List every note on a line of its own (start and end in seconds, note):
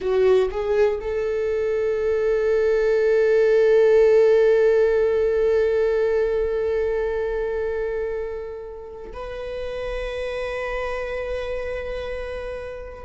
0.00 0.49 F#4
0.50 0.99 G#4
1.01 9.12 A4
9.13 13.05 B4